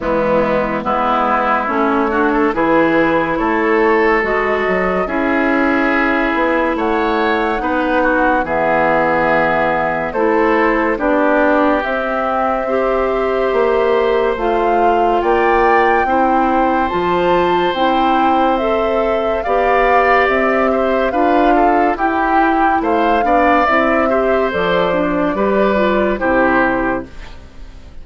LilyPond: <<
  \new Staff \with { instrumentName = "flute" } { \time 4/4 \tempo 4 = 71 e'4 b'4 cis''4 b'4 | cis''4 dis''4 e''2 | fis''2 e''2 | c''4 d''4 e''2~ |
e''4 f''4 g''2 | a''4 g''4 e''4 f''4 | e''4 f''4 g''4 f''4 | e''4 d''2 c''4 | }
  \new Staff \with { instrumentName = "oboe" } { \time 4/4 b4 e'4. fis'16 a'16 gis'4 | a'2 gis'2 | cis''4 b'8 fis'8 gis'2 | a'4 g'2 c''4~ |
c''2 d''4 c''4~ | c''2. d''4~ | d''8 c''8 b'8 a'8 g'4 c''8 d''8~ | d''8 c''4. b'4 g'4 | }
  \new Staff \with { instrumentName = "clarinet" } { \time 4/4 gis4 b4 cis'8 d'8 e'4~ | e'4 fis'4 e'2~ | e'4 dis'4 b2 | e'4 d'4 c'4 g'4~ |
g'4 f'2 e'4 | f'4 e'4 a'4 g'4~ | g'4 f'4 e'4. d'8 | e'8 g'8 a'8 d'8 g'8 f'8 e'4 | }
  \new Staff \with { instrumentName = "bassoon" } { \time 4/4 e4 gis4 a4 e4 | a4 gis8 fis8 cis'4. b8 | a4 b4 e2 | a4 b4 c'2 |
ais4 a4 ais4 c'4 | f4 c'2 b4 | c'4 d'4 e'4 a8 b8 | c'4 f4 g4 c4 | }
>>